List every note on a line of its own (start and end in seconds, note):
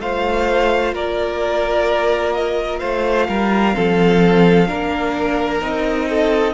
0.00 0.94 A3
0.00 3.73 F4
0.00 0.95 C5
0.00 0.95 F5
0.94 2.81 A#3
0.94 2.80 A#4
0.94 2.34 D5
2.34 2.80 D#5
2.80 3.29 A3
2.80 3.27 C5
2.80 5.61 F5
3.29 3.76 G3
3.29 3.76 A#4
3.73 4.71 F3
3.73 4.67 C4
3.73 4.68 A4
4.68 5.61 A#3
4.68 5.61 D4
4.68 6.09 A#4
5.61 6.54 C4
5.61 6.54 D#4
5.61 6.54 D#5
6.10 6.54 A4